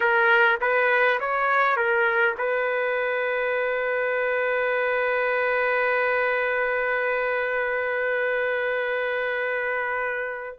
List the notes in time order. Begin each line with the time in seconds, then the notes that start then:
0.00 A#4
0.60 B4
1.20 C#5
1.76 A#4
2.38 B4